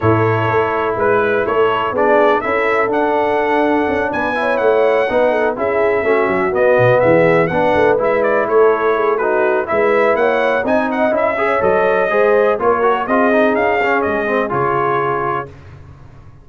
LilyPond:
<<
  \new Staff \with { instrumentName = "trumpet" } { \time 4/4 \tempo 4 = 124 cis''2 b'4 cis''4 | d''4 e''4 fis''2~ | fis''8 gis''4 fis''2 e''8~ | e''4. dis''4 e''4 fis''8~ |
fis''8 e''8 d''8 cis''4. b'4 | e''4 fis''4 gis''8 fis''8 e''4 | dis''2 cis''4 dis''4 | f''4 dis''4 cis''2 | }
  \new Staff \with { instrumentName = "horn" } { \time 4/4 a'2 b'4 a'4 | gis'4 a'2.~ | a'8 b'8 cis''4. b'8 a'8 gis'8~ | gis'8 fis'2 gis'4 b'8~ |
b'4. a'4 gis'8 fis'4 | b'4 cis''4 dis''4. cis''8~ | cis''4 c''4 ais'4 gis'4~ | gis'1 | }
  \new Staff \with { instrumentName = "trombone" } { \time 4/4 e'1 | d'4 e'4 d'2~ | d'4 e'4. dis'4 e'8~ | e'8 cis'4 b2 d'8~ |
d'8 e'2~ e'8 dis'4 | e'2 dis'4 e'8 gis'8 | a'4 gis'4 f'8 fis'8 f'8 dis'8~ | dis'8 cis'4 c'8 f'2 | }
  \new Staff \with { instrumentName = "tuba" } { \time 4/4 a,4 a4 gis4 a4 | b4 cis'4 d'2 | cis'8 b4 a4 b4 cis'8~ | cis'8 a8 fis8 b8 b,8 e4 b8 |
a8 gis4 a2~ a8 | gis4 ais4 c'4 cis'4 | fis4 gis4 ais4 c'4 | cis'4 gis4 cis2 | }
>>